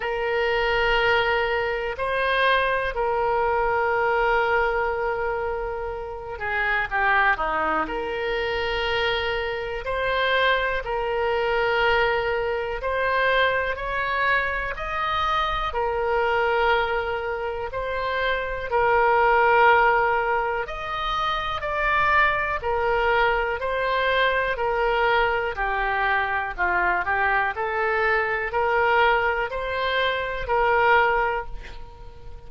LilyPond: \new Staff \with { instrumentName = "oboe" } { \time 4/4 \tempo 4 = 61 ais'2 c''4 ais'4~ | ais'2~ ais'8 gis'8 g'8 dis'8 | ais'2 c''4 ais'4~ | ais'4 c''4 cis''4 dis''4 |
ais'2 c''4 ais'4~ | ais'4 dis''4 d''4 ais'4 | c''4 ais'4 g'4 f'8 g'8 | a'4 ais'4 c''4 ais'4 | }